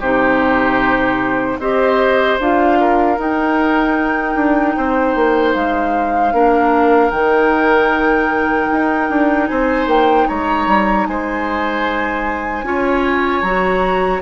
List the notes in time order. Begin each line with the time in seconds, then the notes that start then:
0.00 C3 D#4 G4 C5
1.58 C4 G4 C5 D#5
2.40 D4 F4 F5
2.80 A#4
3.17 D#4 G5
4.35 D4
4.76 C4 C5
5.15 A#3
5.53 G#3 F5
6.33 A#3 D4 A#4
7.11 D#3 D#4 G5
8.72 D#4
9.10 D4
9.48 C4 C5 G#5
9.87 A#3 G5
10.28 G#3 C#5 A#5
10.67 G3
11.07 G#3 C5 G#5
12.63 C#4 F4 C#5
13.42 F#3 F#4 A#5